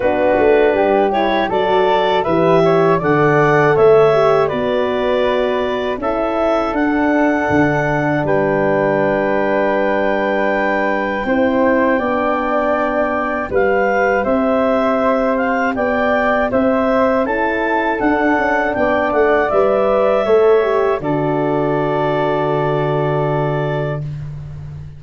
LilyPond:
<<
  \new Staff \with { instrumentName = "clarinet" } { \time 4/4 \tempo 4 = 80 b'4. cis''8 d''4 e''4 | fis''4 e''4 d''2 | e''4 fis''2 g''4~ | g''1~ |
g''2 f''4 e''4~ | e''8 f''8 g''4 e''4 a''4 | fis''4 g''8 fis''8 e''2 | d''1 | }
  \new Staff \with { instrumentName = "flute" } { \time 4/4 fis'4 g'4 a'4 b'8 cis''8 | d''4 cis''4 b'2 | a'2. b'4~ | b'2. c''4 |
d''2 b'4 c''4~ | c''4 d''4 c''4 a'4~ | a'4 d''2 cis''4 | a'1 | }
  \new Staff \with { instrumentName = "horn" } { \time 4/4 d'4. e'8 fis'4 g'4 | a'4. g'8 fis'2 | e'4 d'2.~ | d'2. e'4 |
d'2 g'2~ | g'2. e'4 | d'2 b'4 a'8 g'8 | fis'1 | }
  \new Staff \with { instrumentName = "tuba" } { \time 4/4 b8 a8 g4 fis4 e4 | d4 a4 b2 | cis'4 d'4 d4 g4~ | g2. c'4 |
b2 g4 c'4~ | c'4 b4 c'4 cis'4 | d'8 cis'8 b8 a8 g4 a4 | d1 | }
>>